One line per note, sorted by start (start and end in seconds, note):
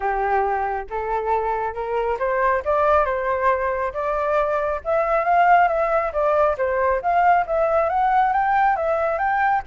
0.00 0.86 G4
0.89 1.73 A4
1.73 2.17 A#4
2.19 2.63 C5
2.65 3.05 D5
3.05 3.92 C5
3.93 4.81 D5
4.84 5.24 E5
5.24 5.68 F5
5.68 6.11 E5
6.12 6.56 D5
6.57 7.01 C5
7.02 7.45 F5
7.46 7.89 E5
7.89 8.33 F#5
8.33 8.76 G5
8.76 9.18 E5
9.18 9.62 G5